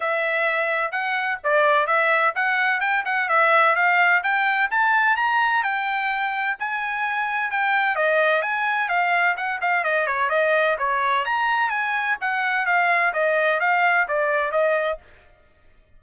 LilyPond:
\new Staff \with { instrumentName = "trumpet" } { \time 4/4 \tempo 4 = 128 e''2 fis''4 d''4 | e''4 fis''4 g''8 fis''8 e''4 | f''4 g''4 a''4 ais''4 | g''2 gis''2 |
g''4 dis''4 gis''4 f''4 | fis''8 f''8 dis''8 cis''8 dis''4 cis''4 | ais''4 gis''4 fis''4 f''4 | dis''4 f''4 d''4 dis''4 | }